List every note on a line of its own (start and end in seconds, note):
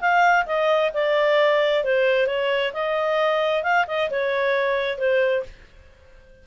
0.00 0.45 F5
0.46 0.91 D#5
0.93 1.84 D5
1.84 2.27 C5
2.27 2.72 C#5
2.73 3.63 D#5
3.63 3.86 F5
3.87 4.10 D#5
4.10 4.98 C#5
4.98 5.43 C5